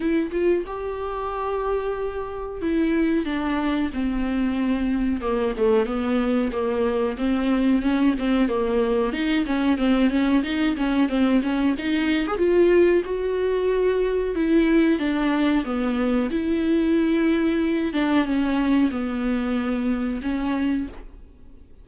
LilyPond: \new Staff \with { instrumentName = "viola" } { \time 4/4 \tempo 4 = 92 e'8 f'8 g'2. | e'4 d'4 c'2 | ais8 a8 b4 ais4 c'4 | cis'8 c'8 ais4 dis'8 cis'8 c'8 cis'8 |
dis'8 cis'8 c'8 cis'8 dis'8. gis'16 f'4 | fis'2 e'4 d'4 | b4 e'2~ e'8 d'8 | cis'4 b2 cis'4 | }